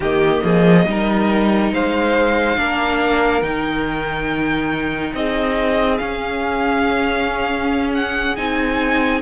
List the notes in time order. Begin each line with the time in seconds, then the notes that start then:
0.00 D#3 A#3 G4 D#5
0.44 F3 G#4
0.86 G3 D#4 A#4
1.71 G#3 C5 F5
2.56 A#3 D4 A#4
3.42 D#3 D#4 G5
5.14 C4 G#4 D#5
5.97 C#4 F5
7.94 F#5
8.36 C4 D#4 G#5